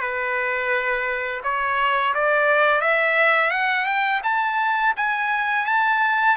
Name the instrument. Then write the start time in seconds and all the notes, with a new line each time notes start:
trumpet
0.00 B4
1.43 C#5
2.14 D5
2.81 E5
3.50 F#5
3.85 G5
4.23 A5
4.96 G#5
5.66 A5